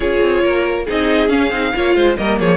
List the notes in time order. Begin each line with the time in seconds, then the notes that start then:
0.00 C#4 F4 G#4 C#5
0.21 C4
0.43 A#3 A#4
0.85 C4 D#4 G#4 D#5
1.28 C#4 F5
1.51 C4 D#4
1.75 A#3 F4 C#5
1.95 G#3 C5
2.16 G3 A#3 A#4 D#5
2.39 F3 G#4 C#5